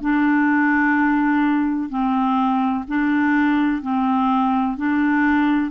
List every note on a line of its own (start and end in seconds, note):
0.00 1.89 D4
1.89 2.84 C4
2.87 3.81 D4
3.81 4.77 C4
4.77 5.71 D4